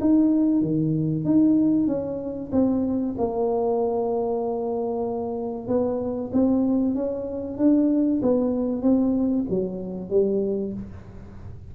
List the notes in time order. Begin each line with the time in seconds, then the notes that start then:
0.00 D#4
0.61 D#3
1.24 D#4
1.87 C#4
2.52 C4
3.18 A#3
5.68 B3
6.32 C4
6.94 C#4
7.57 D4
8.22 B3
8.82 C4
9.49 F#3
10.10 G3